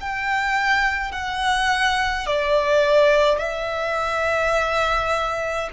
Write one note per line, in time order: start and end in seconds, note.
0.00 1.12 G5
1.12 2.26 F#5
2.26 3.38 D5
3.38 5.69 E5